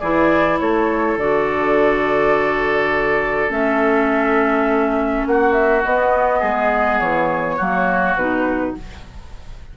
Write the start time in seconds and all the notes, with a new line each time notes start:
0.00 E3 E4 G#4 D5
0.60 A3 A4 C#5
1.17 D3 F#4 D5
3.49 A3 C#4 E5
5.27 A#3 F#4 F#5
5.53 E5
5.84 B3 D#5
6.40 G#3 G#4
7.00 E3 C#5
7.57 F#3 A#3 F#4
8.16 B2 D#4 B4